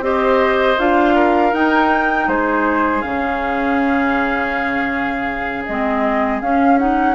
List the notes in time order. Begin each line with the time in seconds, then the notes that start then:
0.00 C4 G4 C5 D#5
0.78 D4 F4 F5
1.15 A#4
1.53 D#4 G5
2.27 G#3 G#4 C5
3.02 C#3 C#4 F5
5.65 G#3 C4 D#5
6.41 C#4 F5
6.79 D#4 F#5